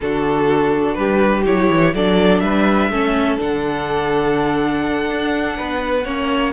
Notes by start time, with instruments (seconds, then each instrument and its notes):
0.01 cello D3, viola D4, violin F#4 A4
0.94 cello G3, violin G4 B4
1.45 cello F#3, viola E4, violin C#5
1.69 cello E3
1.94 cello F#3, viola D4, violin A4 D5
2.39 cello G3, violin B4 E5
2.89 cello A3, viola C#4, violin A4
3.38 cello D3, viola D4, violin F#5
5.10 cello D4
5.56 cello B3, violin B4
6.04 cello A#3, viola C#4, violin C#5